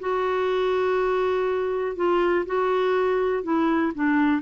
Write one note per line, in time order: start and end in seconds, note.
0.00 1.96 F#4
1.96 2.45 F4
2.46 3.43 F#4
3.43 3.92 E4
3.95 4.42 D4